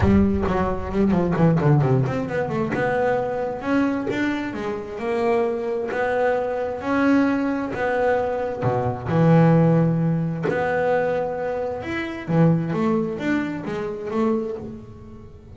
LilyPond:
\new Staff \with { instrumentName = "double bass" } { \time 4/4 \tempo 4 = 132 g4 fis4 g8 f8 e8 d8 | c8 c'8 b8 a8 b2 | cis'4 d'4 gis4 ais4~ | ais4 b2 cis'4~ |
cis'4 b2 b,4 | e2. b4~ | b2 e'4 e4 | a4 d'4 gis4 a4 | }